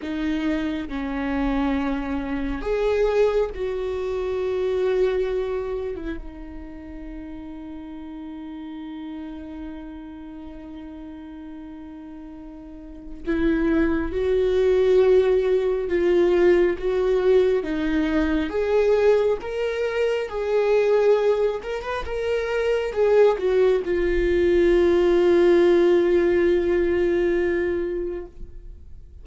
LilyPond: \new Staff \with { instrumentName = "viola" } { \time 4/4 \tempo 4 = 68 dis'4 cis'2 gis'4 | fis'2~ fis'8. e'16 dis'4~ | dis'1~ | dis'2. e'4 |
fis'2 f'4 fis'4 | dis'4 gis'4 ais'4 gis'4~ | gis'8 ais'16 b'16 ais'4 gis'8 fis'8 f'4~ | f'1 | }